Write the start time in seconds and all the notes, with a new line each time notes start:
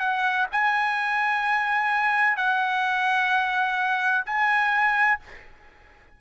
0.00 F#5
0.52 G#5
2.37 F#5
4.26 G#5